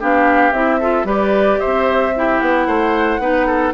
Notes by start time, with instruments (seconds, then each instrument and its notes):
0.00 bassoon B3, clarinet D4, oboe G4, flute F5
0.52 bassoon C4, clarinet E4, flute E5
0.81 clarinet F4, oboe A4
1.04 bassoon G3, clarinet G4, oboe B4, flute D5
1.60 bassoon C4, oboe C5, flute E5
2.16 clarinet E4, oboe G4
2.40 bassoon B3, flute F#5
2.67 bassoon A3, oboe C5
3.20 bassoon B3, clarinet D#4, oboe B4
3.47 oboe A4